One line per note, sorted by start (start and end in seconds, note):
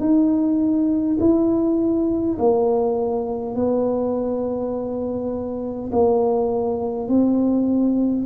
0.00 1.18 D#4
1.20 2.38 E4
2.39 3.56 A#3
3.56 5.91 B3
5.93 7.09 A#3
7.09 8.26 C4